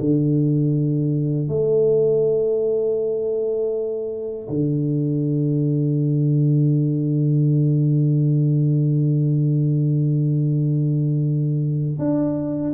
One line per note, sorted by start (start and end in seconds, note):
0.00 1.48 D3
1.48 4.48 A3
4.49 11.98 D3
11.98 12.73 D4